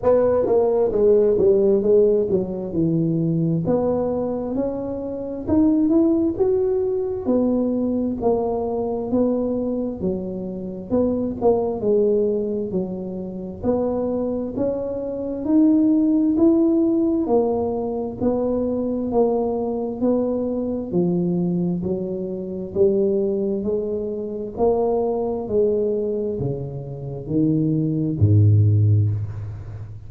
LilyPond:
\new Staff \with { instrumentName = "tuba" } { \time 4/4 \tempo 4 = 66 b8 ais8 gis8 g8 gis8 fis8 e4 | b4 cis'4 dis'8 e'8 fis'4 | b4 ais4 b4 fis4 | b8 ais8 gis4 fis4 b4 |
cis'4 dis'4 e'4 ais4 | b4 ais4 b4 f4 | fis4 g4 gis4 ais4 | gis4 cis4 dis4 gis,4 | }